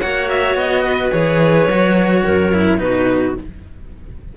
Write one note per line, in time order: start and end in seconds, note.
0.00 0.55 A#3
0.00 1.12 F#4
0.00 0.83 C#5
0.00 0.28 F#5
0.29 0.57 E5
0.55 1.11 B3
0.55 1.12 D#5
0.83 2.22 B4
1.12 1.67 E3
1.12 1.67 G#4
1.12 2.79 C#5
1.67 2.23 F#3
1.67 2.53 F#4
2.24 2.78 F#2
2.24 2.79 A#4
2.53 2.78 E4
2.78 3.34 B2
2.78 3.34 D#4
2.78 3.37 F#4
2.78 3.35 B4